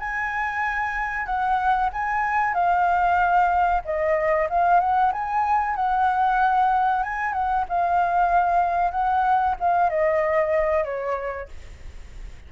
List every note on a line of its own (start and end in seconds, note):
0.00 1.26 G#5
1.26 1.90 F#5
1.93 2.54 G#5
2.54 3.82 F5
3.85 4.49 D#5
4.50 4.80 F5
4.80 5.12 F#5
5.13 5.76 G#5
5.76 7.04 F#5
7.04 7.33 G#5
7.33 7.65 F#5
7.69 8.92 F5
8.92 9.55 F#5
9.60 9.90 F5
9.90 10.85 D#5
10.85 11.49 C#5